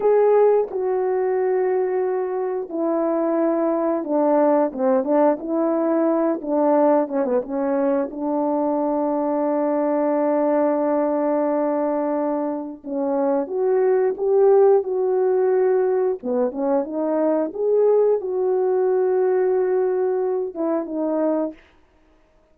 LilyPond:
\new Staff \with { instrumentName = "horn" } { \time 4/4 \tempo 4 = 89 gis'4 fis'2. | e'2 d'4 c'8 d'8 | e'4. d'4 cis'16 b16 cis'4 | d'1~ |
d'2. cis'4 | fis'4 g'4 fis'2 | b8 cis'8 dis'4 gis'4 fis'4~ | fis'2~ fis'8 e'8 dis'4 | }